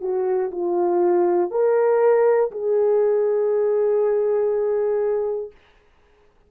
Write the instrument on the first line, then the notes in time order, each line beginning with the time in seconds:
horn
0.00 F#4
0.51 F4
1.50 A#4
2.50 G#4